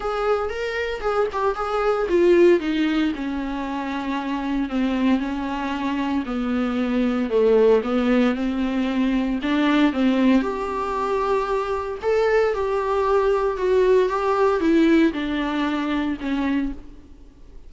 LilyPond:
\new Staff \with { instrumentName = "viola" } { \time 4/4 \tempo 4 = 115 gis'4 ais'4 gis'8 g'8 gis'4 | f'4 dis'4 cis'2~ | cis'4 c'4 cis'2 | b2 a4 b4 |
c'2 d'4 c'4 | g'2. a'4 | g'2 fis'4 g'4 | e'4 d'2 cis'4 | }